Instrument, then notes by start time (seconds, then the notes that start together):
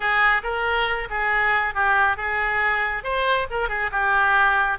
oboe
0.00 G#4
0.43 A#4
1.09 G#4
1.74 G4
2.17 G#4
3.03 C5
3.50 A#4
3.68 G#4
3.91 G4